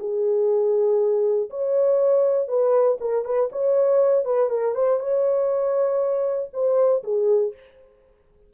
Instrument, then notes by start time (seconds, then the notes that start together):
horn
0.00 G#4
1.50 C#5
2.48 B4
3.01 A#4
3.25 B4
3.52 C#5
4.25 B4
4.50 A#4
4.75 C5
5.00 C#5
6.53 C5
7.04 G#4